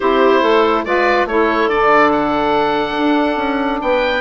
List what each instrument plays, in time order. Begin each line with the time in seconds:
0.00 bassoon C4, saxophone E4, clarinet G4, oboe C5
0.41 bassoon A3, clarinet A4
0.85 bassoon G#3, saxophone F4, clarinet B4, oboe D5
1.25 bassoon A3, saxophone E4, clarinet A4, oboe C#5
1.66 bassoon D3, saxophone D4, oboe D5
2.11 oboe F#5
2.98 bassoon D4
3.36 bassoon C#4
3.81 bassoon B3, clarinet B4, oboe G5